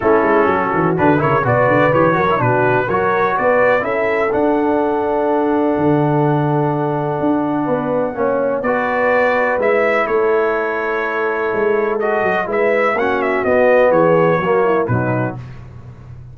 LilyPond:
<<
  \new Staff \with { instrumentName = "trumpet" } { \time 4/4 \tempo 4 = 125 a'2 b'8 cis''8 d''4 | cis''4 b'4 cis''4 d''4 | e''4 fis''2.~ | fis''1~ |
fis''2 d''2 | e''4 cis''2.~ | cis''4 dis''4 e''4 fis''8 e''8 | dis''4 cis''2 b'4 | }
  \new Staff \with { instrumentName = "horn" } { \time 4/4 e'4 fis'4. ais'8 b'4~ | b'8 ais'8 fis'4 ais'4 b'4 | a'1~ | a'1 |
b'4 cis''4 b'2~ | b'4 a'2.~ | a'2 b'4 fis'4~ | fis'4 gis'4 fis'8 e'8 dis'4 | }
  \new Staff \with { instrumentName = "trombone" } { \time 4/4 cis'2 d'8 e'8 fis'4 | g'8 fis'16 e'16 d'4 fis'2 | e'4 d'2.~ | d'1~ |
d'4 cis'4 fis'2 | e'1~ | e'4 fis'4 e'4 cis'4 | b2 ais4 fis4 | }
  \new Staff \with { instrumentName = "tuba" } { \time 4/4 a8 gis8 fis8 e8 d8 cis8 b,8 d8 | e8 fis8 b,4 fis4 b4 | cis'4 d'2. | d2. d'4 |
b4 ais4 b2 | gis4 a2. | gis4. fis8 gis4 ais4 | b4 e4 fis4 b,4 | }
>>